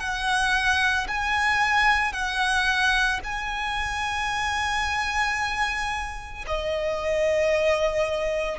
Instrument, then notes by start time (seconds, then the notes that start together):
violin
0.00 F#5
1.08 G#5
2.13 F#5
3.24 G#5
6.47 D#5